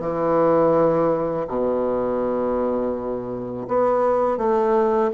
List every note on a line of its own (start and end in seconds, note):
0.00 1.46 E3
1.47 3.67 B2
3.68 4.38 B3
4.38 5.11 A3